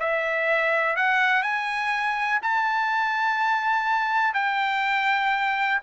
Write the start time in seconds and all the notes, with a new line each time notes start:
0.00 E5
0.96 F#5
1.43 G#5
2.42 A5
4.34 G5